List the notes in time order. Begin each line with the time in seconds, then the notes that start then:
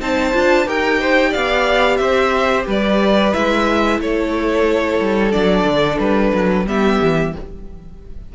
0.00 C4 D#4 C5 A5
0.33 D4 F4
0.66 D#4 G4 A#4 G5
1.00 C5
1.30 B3 D5 F5
1.97 C4 C5 E5
2.66 G3 B4 D5
3.33 G#3 E4 E5
4.00 A3 A4 C#5
5.01 G3
5.31 F#3 D4 D5
5.64 D3
5.99 G3 B4
6.33 F#3
6.66 G3 B3 G4 E5
7.02 E3